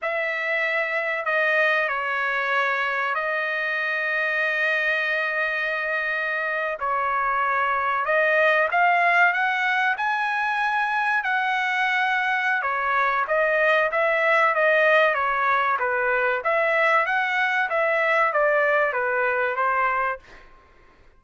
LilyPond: \new Staff \with { instrumentName = "trumpet" } { \time 4/4 \tempo 4 = 95 e''2 dis''4 cis''4~ | cis''4 dis''2.~ | dis''2~ dis''8. cis''4~ cis''16~ | cis''8. dis''4 f''4 fis''4 gis''16~ |
gis''4.~ gis''16 fis''2~ fis''16 | cis''4 dis''4 e''4 dis''4 | cis''4 b'4 e''4 fis''4 | e''4 d''4 b'4 c''4 | }